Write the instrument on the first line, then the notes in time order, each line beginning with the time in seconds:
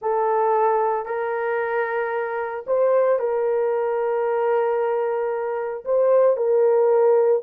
horn
0.01 A4
1.05 A#4
2.66 C5
3.19 A#4
5.84 C5
6.36 A#4